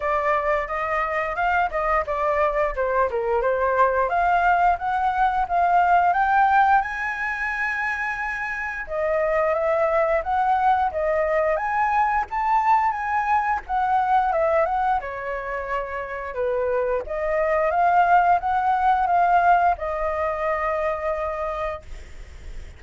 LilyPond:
\new Staff \with { instrumentName = "flute" } { \time 4/4 \tempo 4 = 88 d''4 dis''4 f''8 dis''8 d''4 | c''8 ais'8 c''4 f''4 fis''4 | f''4 g''4 gis''2~ | gis''4 dis''4 e''4 fis''4 |
dis''4 gis''4 a''4 gis''4 | fis''4 e''8 fis''8 cis''2 | b'4 dis''4 f''4 fis''4 | f''4 dis''2. | }